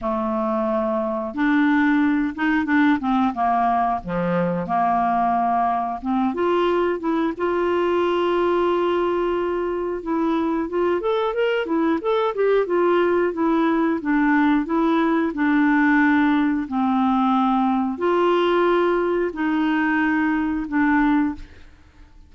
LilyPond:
\new Staff \with { instrumentName = "clarinet" } { \time 4/4 \tempo 4 = 90 a2 d'4. dis'8 | d'8 c'8 ais4 f4 ais4~ | ais4 c'8 f'4 e'8 f'4~ | f'2. e'4 |
f'8 a'8 ais'8 e'8 a'8 g'8 f'4 | e'4 d'4 e'4 d'4~ | d'4 c'2 f'4~ | f'4 dis'2 d'4 | }